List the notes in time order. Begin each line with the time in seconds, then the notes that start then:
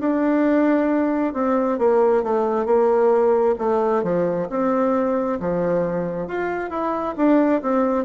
0.00 D4
1.34 C4
1.78 A#3
2.23 A3
2.65 A#3
3.58 A3
4.03 F3
4.50 C4
5.40 F3
6.28 F4
6.70 E4
7.17 D4
7.62 C4